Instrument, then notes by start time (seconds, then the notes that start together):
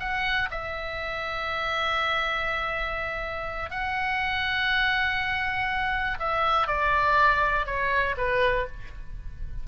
oboe
0.00 F#5
0.51 E5
3.71 F#5
6.20 E5
6.68 D5
7.66 C#5
8.18 B4